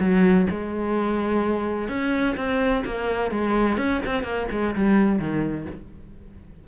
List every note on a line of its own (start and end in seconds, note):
0.00 0.47 F#3
0.50 1.89 G#3
1.89 2.36 C#4
2.37 2.84 C4
2.85 3.31 A#3
3.31 3.78 G#3
3.78 4.01 C#4
4.06 4.23 C4
4.23 4.47 A#3
4.52 4.75 G#3
4.76 5.19 G3
5.19 5.66 D#3